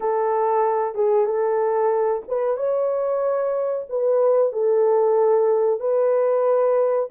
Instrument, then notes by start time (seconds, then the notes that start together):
horn
0.00 A4
0.94 G#4
1.26 A4
2.28 B4
2.56 C#5
3.89 B4
4.52 A4
5.79 B4